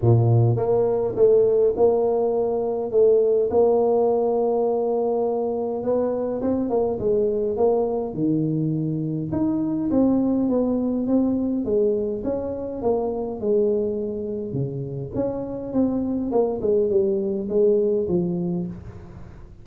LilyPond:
\new Staff \with { instrumentName = "tuba" } { \time 4/4 \tempo 4 = 103 ais,4 ais4 a4 ais4~ | ais4 a4 ais2~ | ais2 b4 c'8 ais8 | gis4 ais4 dis2 |
dis'4 c'4 b4 c'4 | gis4 cis'4 ais4 gis4~ | gis4 cis4 cis'4 c'4 | ais8 gis8 g4 gis4 f4 | }